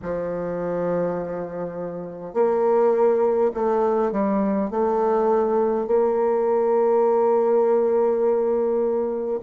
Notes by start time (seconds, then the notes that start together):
0.02 F3
2.33 A#3
3.53 A3
4.11 G3
4.70 A3
5.86 A#3